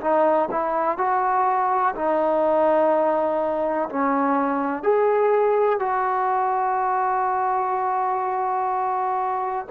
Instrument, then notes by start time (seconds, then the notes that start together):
trombone
0.00 D#4
0.51 E4
0.97 F#4
1.95 D#4
3.89 C#4
4.83 G#4
5.79 F#4